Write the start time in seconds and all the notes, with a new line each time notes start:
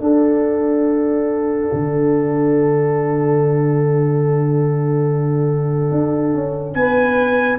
0.00 D4 A4 F#5
1.73 D3
5.91 D4
6.33 C#4
6.74 B3 B4 G#5